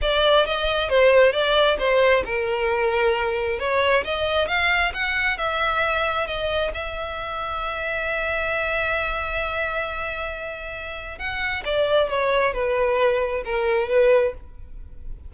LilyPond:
\new Staff \with { instrumentName = "violin" } { \time 4/4 \tempo 4 = 134 d''4 dis''4 c''4 d''4 | c''4 ais'2. | cis''4 dis''4 f''4 fis''4 | e''2 dis''4 e''4~ |
e''1~ | e''1~ | e''4 fis''4 d''4 cis''4 | b'2 ais'4 b'4 | }